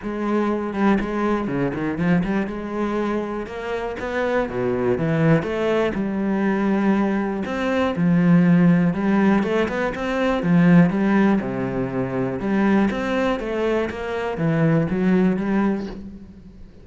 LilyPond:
\new Staff \with { instrumentName = "cello" } { \time 4/4 \tempo 4 = 121 gis4. g8 gis4 cis8 dis8 | f8 g8 gis2 ais4 | b4 b,4 e4 a4 | g2. c'4 |
f2 g4 a8 b8 | c'4 f4 g4 c4~ | c4 g4 c'4 a4 | ais4 e4 fis4 g4 | }